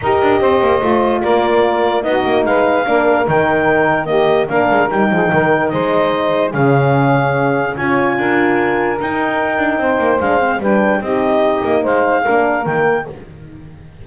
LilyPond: <<
  \new Staff \with { instrumentName = "clarinet" } { \time 4/4 \tempo 4 = 147 dis''2. d''4~ | d''4 dis''4 f''2 | g''2 dis''4 f''4 | g''2 dis''2 |
f''2. gis''4~ | gis''2 g''2~ | g''4 f''4 g''4 dis''4~ | dis''4 f''2 g''4 | }
  \new Staff \with { instrumentName = "saxophone" } { \time 4/4 ais'4 c''2 ais'4~ | ais'4 fis'4 b'4 ais'4~ | ais'2 g'4 ais'4~ | ais'8 gis'8 ais'4 c''2 |
gis'2. cis''4 | ais'1 | c''2 b'4 g'4~ | g'4 c''4 ais'2 | }
  \new Staff \with { instrumentName = "horn" } { \time 4/4 g'2 f'2~ | f'4 dis'2 d'4 | dis'2 ais4 d'4 | dis'1 |
cis'2. f'4~ | f'2 dis'2~ | dis'4 d'8 c'8 d'4 dis'4~ | dis'2 d'4 ais4 | }
  \new Staff \with { instrumentName = "double bass" } { \time 4/4 dis'8 d'8 c'8 ais8 a4 ais4~ | ais4 b8 ais8 gis4 ais4 | dis2. ais8 gis8 | g8 f8 dis4 gis2 |
cis2. cis'4 | d'2 dis'4. d'8 | c'8 ais8 gis4 g4 c'4~ | c'8 ais8 gis4 ais4 dis4 | }
>>